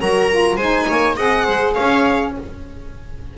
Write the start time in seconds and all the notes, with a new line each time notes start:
0.00 F#3 F#4 A#4 A#5
0.31 F4
0.57 G#3 D#4 C5 G#5
0.89 A#3 C#5
1.17 C4 G#4 D#5 F#5
1.45 G#3 C5
1.74 C#4 C#5 F5